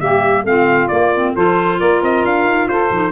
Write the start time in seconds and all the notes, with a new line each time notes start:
0.00 G3 A#3 G4 E5
0.44 A3 C4 F4 F5
0.87 A#3 D5
1.15 C4
1.34 F3 F4 A4 C5
1.79 A#3 A#4 D5
2.01 C4 D#5
2.24 D4 F5
2.44 D#4
2.68 F4 A4 C5
2.91 F3 D#4